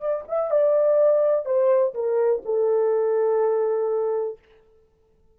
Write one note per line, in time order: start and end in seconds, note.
0.00 0.24 D5
0.28 0.51 E5
0.51 1.45 D5
1.45 1.94 C5
1.94 2.42 A#4
2.45 4.39 A4